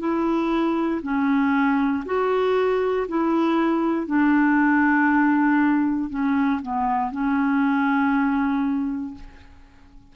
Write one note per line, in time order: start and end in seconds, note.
0.00 1.02 E4
1.03 2.04 C#4
2.06 3.07 F#4
3.09 4.07 E4
4.07 6.11 D4
6.11 6.61 C#4
6.62 7.12 B3
7.12 9.15 C#4